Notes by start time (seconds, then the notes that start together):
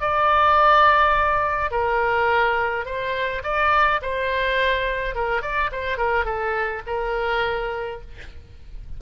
0.00 D5
1.71 A#4
2.85 C5
3.43 D5
4.01 C5
5.15 A#4
5.42 D5
5.72 C5
5.97 A#4
6.25 A4
6.86 A#4